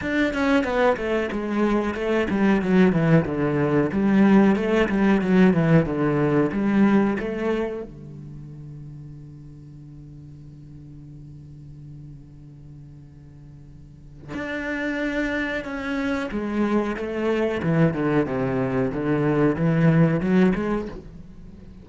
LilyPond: \new Staff \with { instrumentName = "cello" } { \time 4/4 \tempo 4 = 92 d'8 cis'8 b8 a8 gis4 a8 g8 | fis8 e8 d4 g4 a8 g8 | fis8 e8 d4 g4 a4 | d1~ |
d1~ | d2 d'2 | cis'4 gis4 a4 e8 d8 | c4 d4 e4 fis8 gis8 | }